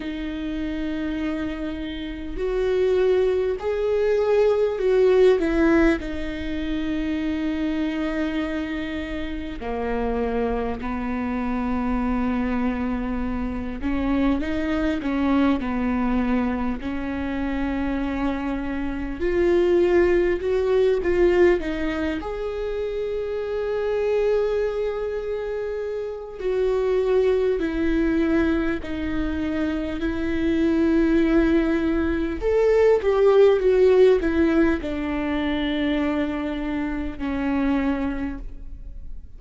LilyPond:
\new Staff \with { instrumentName = "viola" } { \time 4/4 \tempo 4 = 50 dis'2 fis'4 gis'4 | fis'8 e'8 dis'2. | ais4 b2~ b8 cis'8 | dis'8 cis'8 b4 cis'2 |
f'4 fis'8 f'8 dis'8 gis'4.~ | gis'2 fis'4 e'4 | dis'4 e'2 a'8 g'8 | fis'8 e'8 d'2 cis'4 | }